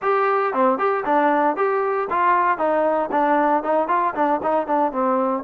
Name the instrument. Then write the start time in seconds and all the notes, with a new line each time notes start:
trombone
0.02 G4
0.53 C4
0.78 G4
1.05 D4
1.56 G4
2.09 F4
2.57 D#4
3.11 D4
3.63 D#4
3.88 F4
4.14 D4
4.42 D#4
4.66 D4
4.91 C4